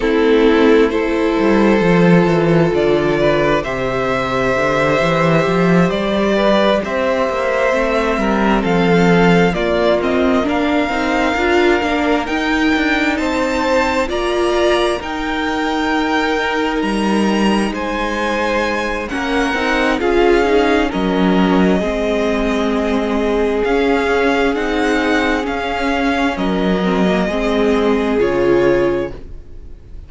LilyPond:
<<
  \new Staff \with { instrumentName = "violin" } { \time 4/4 \tempo 4 = 66 a'4 c''2 d''4 | e''2~ e''8 d''4 e''8~ | e''4. f''4 d''8 dis''8 f''8~ | f''4. g''4 a''4 ais''8~ |
ais''8 g''2 ais''4 gis''8~ | gis''4 fis''4 f''4 dis''4~ | dis''2 f''4 fis''4 | f''4 dis''2 cis''4 | }
  \new Staff \with { instrumentName = "violin" } { \time 4/4 e'4 a'2~ a'8 b'8 | c''2. b'8 c''8~ | c''4 ais'8 a'4 f'4 ais'8~ | ais'2~ ais'8 c''4 d''8~ |
d''8 ais'2. c''8~ | c''4 ais'4 gis'4 ais'4 | gis'1~ | gis'4 ais'4 gis'2 | }
  \new Staff \with { instrumentName = "viola" } { \time 4/4 c'4 e'4 f'2 | g'1~ | g'8 c'2 ais8 c'8 d'8 | dis'8 f'8 d'8 dis'2 f'8~ |
f'8 dis'2.~ dis'8~ | dis'4 cis'8 dis'8 f'8 dis'8 cis'4 | c'2 cis'4 dis'4 | cis'4. c'16 ais16 c'4 f'4 | }
  \new Staff \with { instrumentName = "cello" } { \time 4/4 a4. g8 f8 e8 d4 | c4 d8 e8 f8 g4 c'8 | ais8 a8 g8 f4 ais4. | c'8 d'8 ais8 dis'8 d'8 c'4 ais8~ |
ais8 dis'2 g4 gis8~ | gis4 ais8 c'8 cis'4 fis4 | gis2 cis'4 c'4 | cis'4 fis4 gis4 cis4 | }
>>